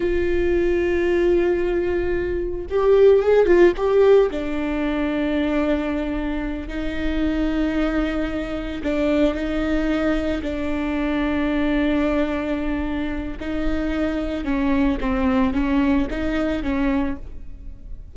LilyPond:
\new Staff \with { instrumentName = "viola" } { \time 4/4 \tempo 4 = 112 f'1~ | f'4 g'4 gis'8 f'8 g'4 | d'1~ | d'8 dis'2.~ dis'8~ |
dis'8 d'4 dis'2 d'8~ | d'1~ | d'4 dis'2 cis'4 | c'4 cis'4 dis'4 cis'4 | }